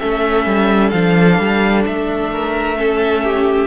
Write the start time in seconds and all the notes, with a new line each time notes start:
0.00 A3 C#4 A4 E5
0.46 G3
0.91 F3 D4 F5
1.39 G3
1.87 A3 E5
2.33 A#4
2.77 C#4 A4
3.24 G4